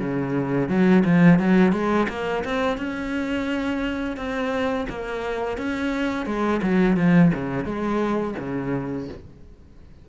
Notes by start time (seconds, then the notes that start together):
0.00 C#3
0.69 F#3
1.05 F3
1.40 F#3
1.73 G#3
2.09 A#3
2.45 C4
2.78 C#4
4.17 C4
4.90 A#3
5.58 C#4
6.26 G#3
6.63 F#3
6.97 F3
7.34 C#3
7.65 G#3
8.39 C#3